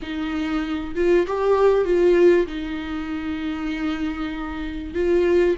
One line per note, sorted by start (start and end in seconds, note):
0.02 0.94 D#4
0.95 1.26 F4
1.27 1.84 G4
1.84 2.46 F4
2.46 4.94 D#4
4.94 5.56 F4